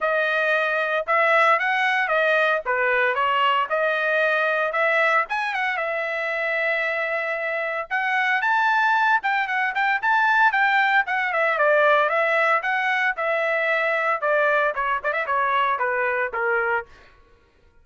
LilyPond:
\new Staff \with { instrumentName = "trumpet" } { \time 4/4 \tempo 4 = 114 dis''2 e''4 fis''4 | dis''4 b'4 cis''4 dis''4~ | dis''4 e''4 gis''8 fis''8 e''4~ | e''2. fis''4 |
a''4. g''8 fis''8 g''8 a''4 | g''4 fis''8 e''8 d''4 e''4 | fis''4 e''2 d''4 | cis''8 d''16 e''16 cis''4 b'4 ais'4 | }